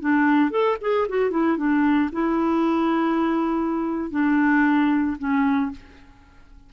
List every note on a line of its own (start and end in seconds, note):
0.00 0.51 D4
0.51 0.77 A4
0.81 1.07 G#4
1.09 1.31 F#4
1.31 1.57 E4
1.57 2.10 D4
2.12 4.11 E4
4.11 5.17 D4
5.18 5.71 C#4